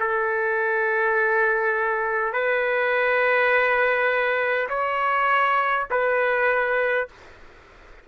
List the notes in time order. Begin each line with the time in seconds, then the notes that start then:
0.00 A4
2.33 B4
4.69 C#5
5.90 B4